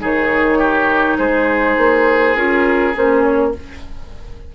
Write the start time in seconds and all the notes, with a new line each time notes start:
0.00 D#3 D#4 G#4 C#5
0.59 G4
1.18 G#3 G#4 C5
1.77 A#3
2.36 C#4 F4 A#4
2.94 A#3 C#4 C5
3.23 C#5